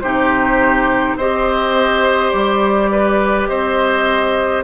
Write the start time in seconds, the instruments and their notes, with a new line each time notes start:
0.00 bassoon C3, clarinet D#4, oboe G4, flute C5
1.15 bassoon C4, clarinet G4, oboe C5, flute D#5
2.31 bassoon G3, flute D5
2.91 oboe B4
3.47 bassoon C4, oboe C5, flute D#5